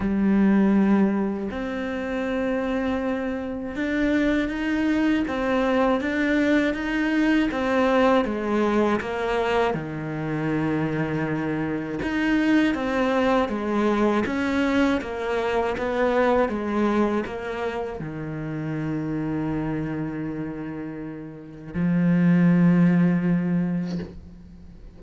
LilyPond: \new Staff \with { instrumentName = "cello" } { \time 4/4 \tempo 4 = 80 g2 c'2~ | c'4 d'4 dis'4 c'4 | d'4 dis'4 c'4 gis4 | ais4 dis2. |
dis'4 c'4 gis4 cis'4 | ais4 b4 gis4 ais4 | dis1~ | dis4 f2. | }